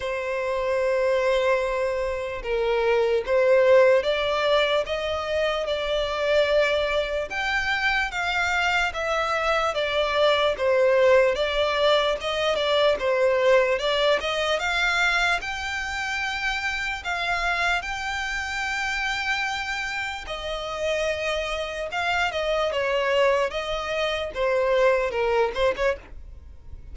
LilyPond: \new Staff \with { instrumentName = "violin" } { \time 4/4 \tempo 4 = 74 c''2. ais'4 | c''4 d''4 dis''4 d''4~ | d''4 g''4 f''4 e''4 | d''4 c''4 d''4 dis''8 d''8 |
c''4 d''8 dis''8 f''4 g''4~ | g''4 f''4 g''2~ | g''4 dis''2 f''8 dis''8 | cis''4 dis''4 c''4 ais'8 c''16 cis''16 | }